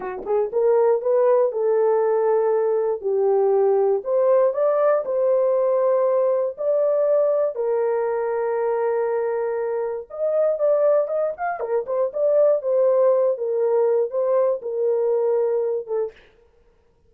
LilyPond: \new Staff \with { instrumentName = "horn" } { \time 4/4 \tempo 4 = 119 fis'8 gis'8 ais'4 b'4 a'4~ | a'2 g'2 | c''4 d''4 c''2~ | c''4 d''2 ais'4~ |
ais'1 | dis''4 d''4 dis''8 f''8 ais'8 c''8 | d''4 c''4. ais'4. | c''4 ais'2~ ais'8 a'8 | }